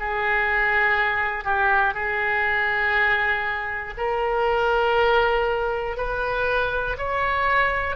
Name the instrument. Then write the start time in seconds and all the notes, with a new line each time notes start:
oboe
0.00 G#4
1.45 G4
1.95 G#4
3.98 A#4
5.97 B4
6.98 C#5